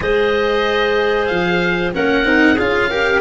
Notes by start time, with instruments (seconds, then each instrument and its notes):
0.00 tuba G#3, cello G#4, clarinet C5, oboe D#5
1.26 tuba F3, oboe F5
1.93 tuba A#3, cello C#4, clarinet A#4, oboe F#5
2.24 tuba C4, cello D#4
2.54 tuba C#4, cello F4, clarinet G#4, oboe F5
2.89 cello G4, clarinet A#4